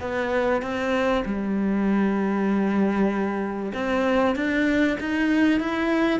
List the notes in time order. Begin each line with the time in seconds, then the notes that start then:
0.00 B3
0.62 C4
1.25 G3
3.74 C4
4.36 D4
5.00 D#4
5.60 E4